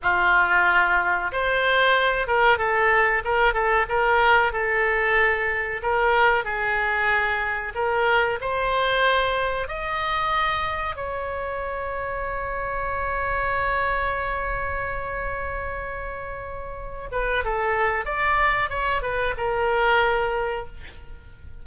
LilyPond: \new Staff \with { instrumentName = "oboe" } { \time 4/4 \tempo 4 = 93 f'2 c''4. ais'8 | a'4 ais'8 a'8 ais'4 a'4~ | a'4 ais'4 gis'2 | ais'4 c''2 dis''4~ |
dis''4 cis''2.~ | cis''1~ | cis''2~ cis''8 b'8 a'4 | d''4 cis''8 b'8 ais'2 | }